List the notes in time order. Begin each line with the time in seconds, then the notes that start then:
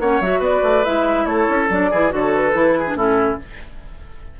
0.00 A#3 C#4 C#5 F#5
0.21 F#3 F#4 E5
0.40 B3 B4 D5
0.64 A3
0.85 G#3 E4 E5
1.26 A3 A4 C#5
1.50 C#4
1.70 F#3 D4 D5
1.91 E3 E4 G#4
2.10 D3 F#4 A4 C#5
2.36 B4
2.54 E3 E4
2.79 G#4
2.88 D4
2.95 A2 C#4 E4 A4